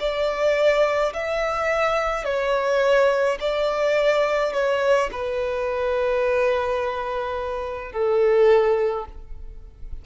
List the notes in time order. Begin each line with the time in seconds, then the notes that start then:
0.00 D5
1.13 E5
2.25 C#5
3.41 D5
4.53 C#5
5.12 B4
7.92 A4